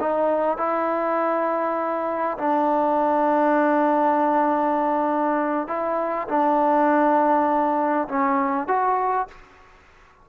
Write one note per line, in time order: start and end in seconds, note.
0.00 0.58 D#4
0.58 2.38 E4
2.38 5.68 D4
5.68 6.28 E4
6.28 8.08 D4
8.08 8.68 C#4
8.68 9.28 F#4